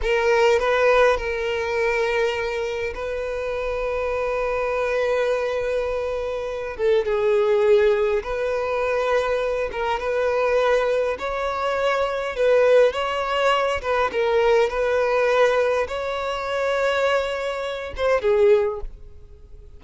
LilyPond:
\new Staff \with { instrumentName = "violin" } { \time 4/4 \tempo 4 = 102 ais'4 b'4 ais'2~ | ais'4 b'2.~ | b'2.~ b'8 a'8 | gis'2 b'2~ |
b'8 ais'8 b'2 cis''4~ | cis''4 b'4 cis''4. b'8 | ais'4 b'2 cis''4~ | cis''2~ cis''8 c''8 gis'4 | }